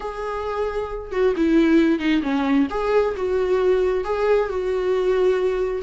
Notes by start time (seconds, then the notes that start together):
0.00 G#4
1.11 F#4
1.36 E4
1.99 D#4
2.22 C#4
2.70 G#4
3.16 F#4
4.04 G#4
4.49 F#4